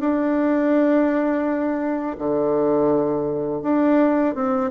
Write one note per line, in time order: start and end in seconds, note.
0.00 2.17 D4
2.19 3.62 D3
3.62 4.34 D4
4.35 4.71 C4